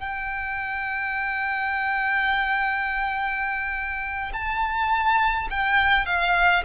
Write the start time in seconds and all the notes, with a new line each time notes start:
0.00 G5
4.33 A5
5.50 G5
6.06 F5